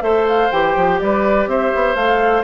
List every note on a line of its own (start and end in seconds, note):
0.00 0.50 A3
0.00 0.48 A4
0.00 1.00 C5
0.00 0.26 E5
0.28 0.51 F5
0.51 0.76 E3
0.51 1.97 G4
0.51 0.99 G5
0.76 1.00 F3
0.99 1.47 G3
0.99 1.49 B4
0.99 1.48 D5
1.47 1.71 C4
1.47 2.44 C5
1.47 1.95 E5
1.75 1.95 B3
1.95 2.43 A3
1.95 2.44 A4
1.95 2.43 F5